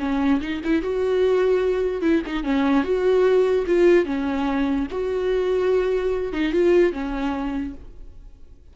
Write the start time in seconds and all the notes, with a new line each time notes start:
0.00 C#4
0.41 D#4
0.64 E4
0.83 F#4
2.02 E4
2.27 D#4
2.44 C#4
2.84 F#4
3.67 F4
4.06 C#4
4.91 F#4
6.33 D#4
6.53 F4
6.93 C#4